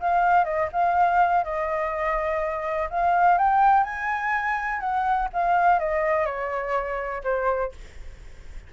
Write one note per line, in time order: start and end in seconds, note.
0.00 0.44 F5
0.44 0.69 D#5
0.72 1.44 F5
1.44 2.89 D#5
2.90 3.38 F5
3.38 3.83 G5
3.83 4.80 G#5
4.80 5.28 F#5
5.33 5.79 F5
5.79 6.26 D#5
6.26 7.22 C#5
7.24 7.72 C5